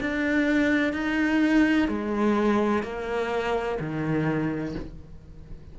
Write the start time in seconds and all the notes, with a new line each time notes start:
0.00 D4
0.93 D#4
1.88 G#3
2.83 A#3
3.80 D#3